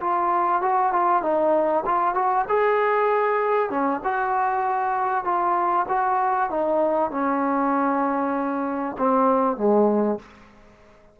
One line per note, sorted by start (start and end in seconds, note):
0.00 0.62 F4
0.62 0.92 F#4
0.92 1.22 F4
1.22 1.84 D#4
1.86 2.14 F4
2.14 2.45 F#4
2.48 3.70 G#4
3.70 4.01 C#4
4.04 5.24 F#4
5.24 5.86 F4
5.88 6.50 F#4
6.50 7.10 D#4
7.10 8.96 C#4
8.97 9.57 C4
9.57 10.18 G#3